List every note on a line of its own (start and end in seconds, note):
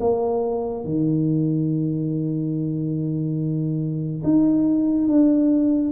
0.00 0.85 A#3
0.85 4.23 D#3
4.24 5.08 D#4
5.08 5.92 D4